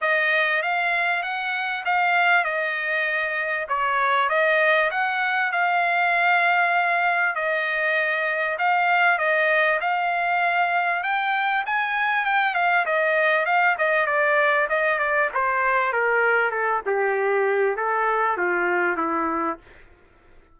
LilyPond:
\new Staff \with { instrumentName = "trumpet" } { \time 4/4 \tempo 4 = 98 dis''4 f''4 fis''4 f''4 | dis''2 cis''4 dis''4 | fis''4 f''2. | dis''2 f''4 dis''4 |
f''2 g''4 gis''4 | g''8 f''8 dis''4 f''8 dis''8 d''4 | dis''8 d''8 c''4 ais'4 a'8 g'8~ | g'4 a'4 f'4 e'4 | }